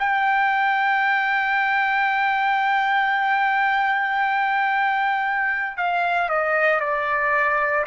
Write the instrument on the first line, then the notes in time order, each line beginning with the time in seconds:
trumpet
0.00 G5
5.78 F5
6.29 D#5
6.80 D5